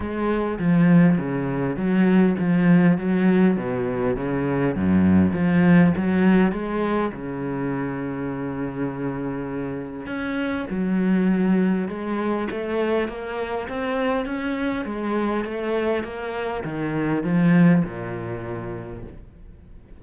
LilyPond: \new Staff \with { instrumentName = "cello" } { \time 4/4 \tempo 4 = 101 gis4 f4 cis4 fis4 | f4 fis4 b,4 cis4 | fis,4 f4 fis4 gis4 | cis1~ |
cis4 cis'4 fis2 | gis4 a4 ais4 c'4 | cis'4 gis4 a4 ais4 | dis4 f4 ais,2 | }